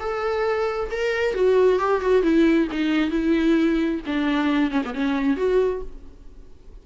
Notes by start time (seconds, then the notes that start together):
0.00 A4
0.91 A#4
1.35 F#4
1.79 G4
2.01 F#4
2.23 E4
2.71 D#4
3.10 E4
4.06 D4
4.71 C#4
4.85 B3
4.94 C#4
5.37 F#4